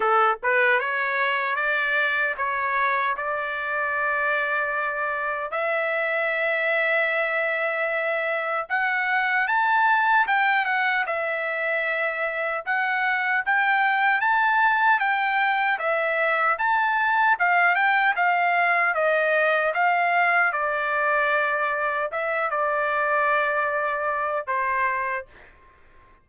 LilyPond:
\new Staff \with { instrumentName = "trumpet" } { \time 4/4 \tempo 4 = 76 a'8 b'8 cis''4 d''4 cis''4 | d''2. e''4~ | e''2. fis''4 | a''4 g''8 fis''8 e''2 |
fis''4 g''4 a''4 g''4 | e''4 a''4 f''8 g''8 f''4 | dis''4 f''4 d''2 | e''8 d''2~ d''8 c''4 | }